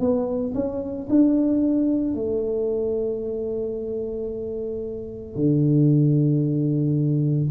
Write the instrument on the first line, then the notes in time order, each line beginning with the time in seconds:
tuba
0.00 B3
0.55 C#4
1.10 D4
2.15 A3
5.36 D3